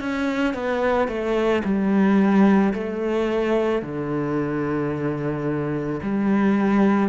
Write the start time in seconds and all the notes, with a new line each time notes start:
0.00 C#4
0.54 B3
1.08 A3
1.64 G3
2.74 A3
3.82 D3
6.02 G3